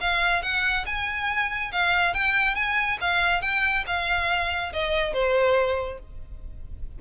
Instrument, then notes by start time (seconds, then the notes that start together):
violin
0.00 F5
0.42 F#5
0.86 G#5
1.72 F5
2.14 G5
2.55 G#5
3.01 F5
3.41 G5
3.86 F5
4.72 D#5
5.13 C5